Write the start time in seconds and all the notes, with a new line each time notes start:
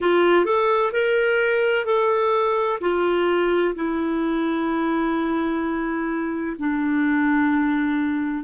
0.00 F4
0.45 A4
0.92 A#4
1.85 A4
2.80 F4
3.75 E4
6.58 D4